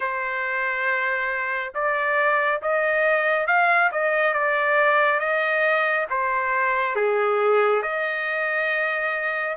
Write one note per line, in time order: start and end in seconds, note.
0.00 1.73 C5
1.74 2.61 D5
2.62 3.47 D#5
3.47 3.90 F5
3.91 4.33 D#5
4.33 5.19 D5
5.19 6.06 D#5
6.09 6.95 C5
6.95 7.82 G#4
7.82 9.56 D#5